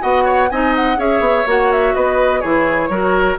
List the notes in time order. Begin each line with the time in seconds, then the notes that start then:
0.00 B3 F#4 D#5 F#5
0.25 C#5
0.50 C4 D#4 D#5 G#5
0.76 F#5
0.97 C#4 G#4 C#5 E5
1.20 B3
1.47 A#3 F#4 F#5
1.72 E5
1.95 B3 B4 D#5
2.41 E3 E4 G#4 C#5
2.89 F#3 F#4 A#4